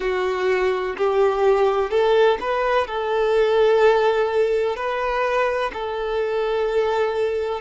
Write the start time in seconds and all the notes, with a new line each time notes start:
0.00 F#4
0.97 G4
1.90 A4
2.40 B4
2.87 A4
4.76 B4
5.73 A4